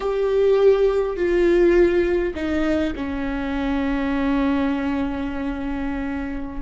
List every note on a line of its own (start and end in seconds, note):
0.00 1.16 G4
1.16 2.33 F4
2.34 2.93 D#4
2.95 6.61 C#4